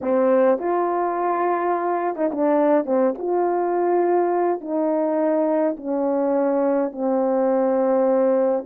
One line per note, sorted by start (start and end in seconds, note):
0.01 0.58 C4
0.58 2.16 F4
2.16 2.30 D#4
2.31 2.85 D4
2.85 3.14 C4
3.17 4.60 F4
4.60 5.76 D#4
5.76 6.92 C#4
6.92 8.65 C4